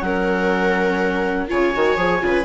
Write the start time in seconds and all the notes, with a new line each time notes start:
0.00 F#3 C#4 A#4 F#5
1.48 C#3 F4 C#5 G#5
1.74 D#3 F#4
1.97 F3 G#4
2.20 C#3 F4
2.27 B4